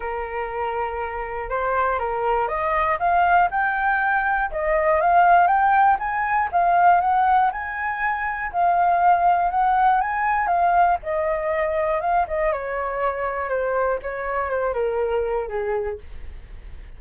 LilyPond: \new Staff \with { instrumentName = "flute" } { \time 4/4 \tempo 4 = 120 ais'2. c''4 | ais'4 dis''4 f''4 g''4~ | g''4 dis''4 f''4 g''4 | gis''4 f''4 fis''4 gis''4~ |
gis''4 f''2 fis''4 | gis''4 f''4 dis''2 | f''8 dis''8 cis''2 c''4 | cis''4 c''8 ais'4. gis'4 | }